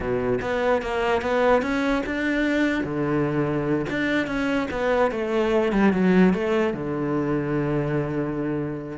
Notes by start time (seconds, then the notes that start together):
0.00 B2
0.41 B3
0.82 A#3
1.21 B3
1.62 C#4
2.06 D4
2.83 D3
3.89 D4
4.26 C#4
4.70 B3
5.11 A3
5.72 G3
5.92 F#3
6.33 A3
6.73 D3